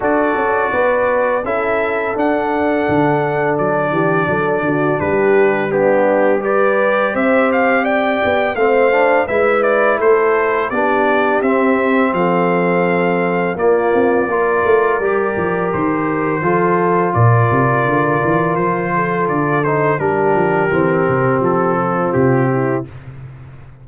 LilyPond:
<<
  \new Staff \with { instrumentName = "trumpet" } { \time 4/4 \tempo 4 = 84 d''2 e''4 fis''4~ | fis''4 d''2 b'4 | g'4 d''4 e''8 f''8 g''4 | f''4 e''8 d''8 c''4 d''4 |
e''4 f''2 d''4~ | d''2 c''2 | d''2 c''4 d''8 c''8 | ais'2 a'4 g'4 | }
  \new Staff \with { instrumentName = "horn" } { \time 4/4 a'4 b'4 a'2~ | a'4. g'8 a'8 fis'8 g'4 | d'4 b'4 c''4 d''4 | c''4 b'4 a'4 g'4~ |
g'4 a'2 f'4 | ais'2. a'4 | ais'2~ ais'8 a'4. | g'2~ g'8 f'4 e'8 | }
  \new Staff \with { instrumentName = "trombone" } { \time 4/4 fis'2 e'4 d'4~ | d'1 | b4 g'2. | c'8 d'8 e'2 d'4 |
c'2. ais4 | f'4 g'2 f'4~ | f'2.~ f'8 dis'8 | d'4 c'2. | }
  \new Staff \with { instrumentName = "tuba" } { \time 4/4 d'8 cis'8 b4 cis'4 d'4 | d4 fis8 e8 fis8 d8 g4~ | g2 c'4. b8 | a4 gis4 a4 b4 |
c'4 f2 ais8 c'8 | ais8 a8 g8 f8 dis4 f4 | ais,8 c8 d8 e8 f4 d4 | g8 f8 e8 c8 f4 c4 | }
>>